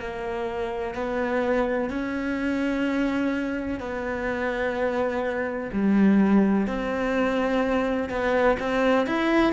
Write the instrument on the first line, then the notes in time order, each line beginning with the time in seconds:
cello
0.00 A#3
0.94 B3
1.90 C#4
3.80 B3
5.72 G3
6.67 C4
8.09 B3
8.59 C4
9.06 E4